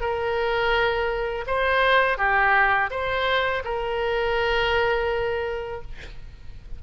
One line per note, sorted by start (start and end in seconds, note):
0.00 1.45 A#4
1.47 2.18 C5
2.18 2.90 G4
2.90 3.62 C5
3.64 5.81 A#4